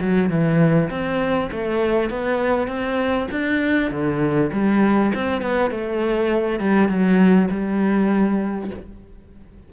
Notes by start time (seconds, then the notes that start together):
0.00 F#3
0.29 E3
0.90 C4
1.51 A3
2.09 B3
2.67 C4
3.31 D4
3.90 D3
4.52 G3
5.14 C4
5.41 B3
5.70 A3
6.59 G3
6.88 F#3
7.50 G3